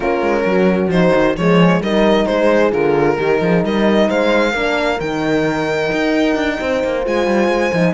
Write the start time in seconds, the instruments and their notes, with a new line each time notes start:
0.00 cello A#3, horn C#4 F4, violin A#4
0.21 cello G#3
0.44 cello F#3, horn F#4
0.87 cello F3, horn D#4, violin C5
1.14 cello D#3
1.36 cello F3, horn G#3 G#4, violin C#5
1.80 cello G3, horn D#4 A#4, violin D#5
2.26 cello G#3, horn G#4, violin C5
2.71 cello D3, horn F4, violin A#4
3.17 cello D#3, horn D#4 G4
3.41 cello F3, horn G#4
3.63 cello G3, horn A#4, violin D#5
4.07 cello G#3, horn C5, violin F5
4.52 cello A#3, horn D4 A#4
5.00 cello D#3, horn D#4, violin G5
5.92 cello D#4
6.35 cello D4
6.60 cello C4, horn C5
6.84 cello A#3
7.04 cello G#3, horn F4, violin G#5
7.26 cello G3
7.48 cello G#3
7.72 cello F3, horn D#4